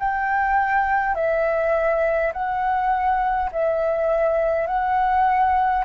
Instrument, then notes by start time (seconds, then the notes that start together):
flute
0.00 G5
1.15 E5
2.33 F#5
3.52 E5
4.67 F#5